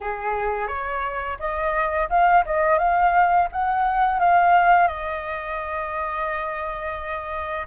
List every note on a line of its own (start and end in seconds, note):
0.01 0.67 G#4
0.67 1.37 C#5
1.39 2.09 D#5
2.09 2.44 F5
2.45 2.78 D#5
2.78 3.48 F5
3.52 4.19 F#5
4.19 4.87 F5
4.87 7.66 D#5